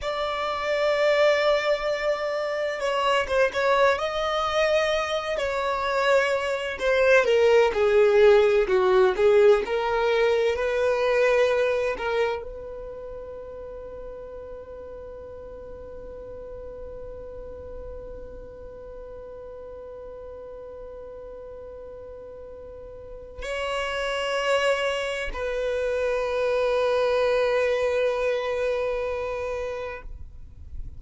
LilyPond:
\new Staff \with { instrumentName = "violin" } { \time 4/4 \tempo 4 = 64 d''2. cis''8 c''16 cis''16~ | cis''16 dis''4. cis''4. c''8 ais'16~ | ais'16 gis'4 fis'8 gis'8 ais'4 b'8.~ | b'8. ais'8 b'2~ b'8.~ |
b'1~ | b'1~ | b'4 cis''2 b'4~ | b'1 | }